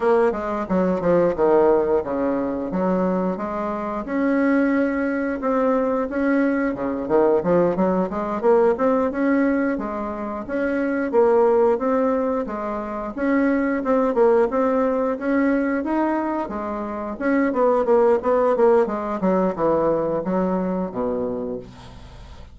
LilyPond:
\new Staff \with { instrumentName = "bassoon" } { \time 4/4 \tempo 4 = 89 ais8 gis8 fis8 f8 dis4 cis4 | fis4 gis4 cis'2 | c'4 cis'4 cis8 dis8 f8 fis8 | gis8 ais8 c'8 cis'4 gis4 cis'8~ |
cis'8 ais4 c'4 gis4 cis'8~ | cis'8 c'8 ais8 c'4 cis'4 dis'8~ | dis'8 gis4 cis'8 b8 ais8 b8 ais8 | gis8 fis8 e4 fis4 b,4 | }